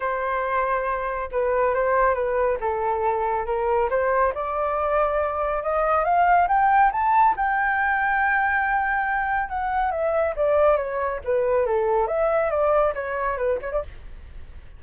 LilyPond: \new Staff \with { instrumentName = "flute" } { \time 4/4 \tempo 4 = 139 c''2. b'4 | c''4 b'4 a'2 | ais'4 c''4 d''2~ | d''4 dis''4 f''4 g''4 |
a''4 g''2.~ | g''2 fis''4 e''4 | d''4 cis''4 b'4 a'4 | e''4 d''4 cis''4 b'8 cis''16 d''16 | }